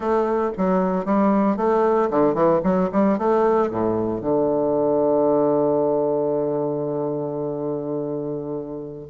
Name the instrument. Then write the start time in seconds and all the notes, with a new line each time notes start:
bassoon
0.00 A3
0.57 F#3
1.05 G3
1.56 A3
2.10 D3
2.34 E3
2.63 F#3
2.92 G3
3.18 A3
3.70 A2
4.21 D3